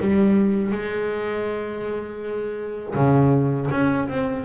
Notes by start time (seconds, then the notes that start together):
0.00 G3
0.72 G#3
2.95 C#3
3.71 C#4
4.09 C4